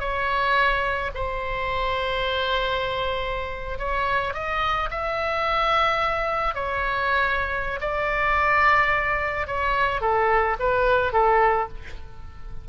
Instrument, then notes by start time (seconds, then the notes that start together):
oboe
0.00 C#5
1.15 C5
3.79 C#5
4.34 D#5
4.91 E5
6.55 C#5
7.81 D5
9.47 C#5
10.01 A4
10.60 B4
11.13 A4